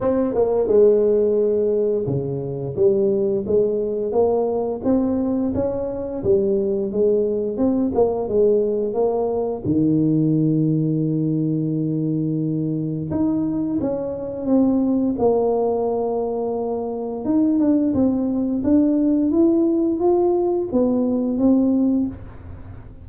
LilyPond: \new Staff \with { instrumentName = "tuba" } { \time 4/4 \tempo 4 = 87 c'8 ais8 gis2 cis4 | g4 gis4 ais4 c'4 | cis'4 g4 gis4 c'8 ais8 | gis4 ais4 dis2~ |
dis2. dis'4 | cis'4 c'4 ais2~ | ais4 dis'8 d'8 c'4 d'4 | e'4 f'4 b4 c'4 | }